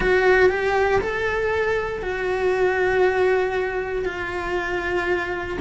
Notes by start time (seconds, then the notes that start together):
0.00 F#4
0.49 G4
1.01 A4
2.02 F#4
4.05 F4